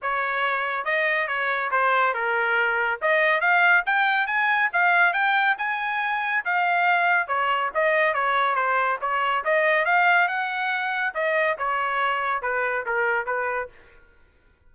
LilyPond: \new Staff \with { instrumentName = "trumpet" } { \time 4/4 \tempo 4 = 140 cis''2 dis''4 cis''4 | c''4 ais'2 dis''4 | f''4 g''4 gis''4 f''4 | g''4 gis''2 f''4~ |
f''4 cis''4 dis''4 cis''4 | c''4 cis''4 dis''4 f''4 | fis''2 dis''4 cis''4~ | cis''4 b'4 ais'4 b'4 | }